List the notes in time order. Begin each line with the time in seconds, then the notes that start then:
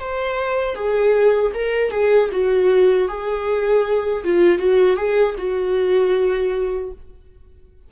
0.00 C5
0.76 G#4
1.55 A#4
1.91 G#4
2.32 F#4
3.09 G#4
4.24 F4
4.59 F#4
4.97 G#4
5.38 F#4